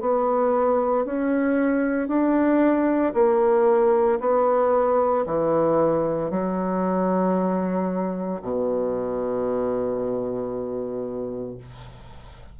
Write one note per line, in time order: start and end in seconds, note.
0.00 1.05 B3
1.05 2.08 C#4
2.08 3.13 D4
3.14 4.19 A#3
4.20 5.25 B3
5.25 6.30 E3
6.30 8.41 F#3
8.42 11.57 B2